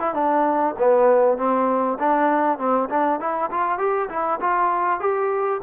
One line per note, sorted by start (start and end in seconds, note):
0.00 0.14 E4
0.14 0.75 D4
0.79 1.38 B3
1.38 1.98 C4
2.00 2.59 D4
2.59 2.89 C4
2.90 3.20 D4
3.20 3.50 E4
3.51 3.79 F4
3.79 4.09 G4
4.09 4.40 E4
4.41 5.01 F4
5.01 5.61 G4